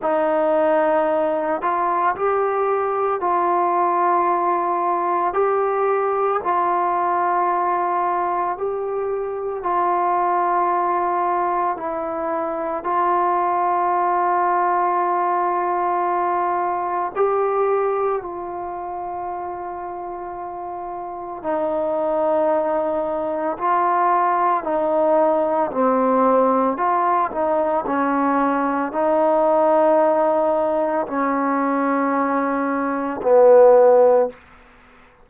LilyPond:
\new Staff \with { instrumentName = "trombone" } { \time 4/4 \tempo 4 = 56 dis'4. f'8 g'4 f'4~ | f'4 g'4 f'2 | g'4 f'2 e'4 | f'1 |
g'4 f'2. | dis'2 f'4 dis'4 | c'4 f'8 dis'8 cis'4 dis'4~ | dis'4 cis'2 b4 | }